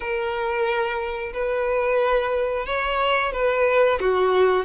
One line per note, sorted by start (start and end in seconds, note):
0.00 1.32 A#4
1.33 2.65 B4
2.65 3.32 C#5
3.32 3.98 B4
4.00 4.65 F#4